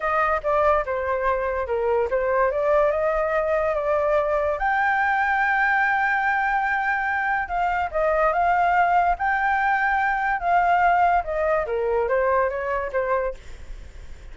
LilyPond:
\new Staff \with { instrumentName = "flute" } { \time 4/4 \tempo 4 = 144 dis''4 d''4 c''2 | ais'4 c''4 d''4 dis''4~ | dis''4 d''2 g''4~ | g''1~ |
g''2 f''4 dis''4 | f''2 g''2~ | g''4 f''2 dis''4 | ais'4 c''4 cis''4 c''4 | }